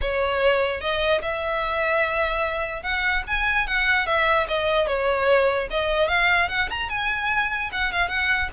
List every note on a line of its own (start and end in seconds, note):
0.01 0.80 C#5
0.80 1.21 D#5
1.22 2.82 E5
2.82 3.23 F#5
3.27 3.67 G#5
3.67 4.06 F#5
4.06 4.46 E5
4.48 4.87 D#5
4.87 5.68 C#5
5.70 6.08 D#5
6.08 6.48 F5
6.48 6.69 F#5
6.69 6.89 A#5
6.89 7.70 G#5
7.71 7.91 F#5
7.91 8.08 F5
8.08 8.49 F#5